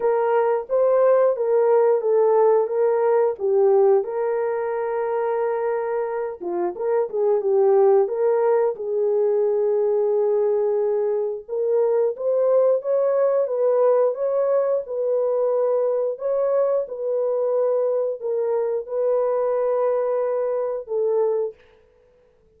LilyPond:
\new Staff \with { instrumentName = "horn" } { \time 4/4 \tempo 4 = 89 ais'4 c''4 ais'4 a'4 | ais'4 g'4 ais'2~ | ais'4. f'8 ais'8 gis'8 g'4 | ais'4 gis'2.~ |
gis'4 ais'4 c''4 cis''4 | b'4 cis''4 b'2 | cis''4 b'2 ais'4 | b'2. a'4 | }